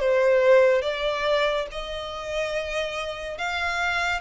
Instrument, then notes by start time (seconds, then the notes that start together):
violin
0.00 C5
0.82 D5
1.72 D#5
3.38 F5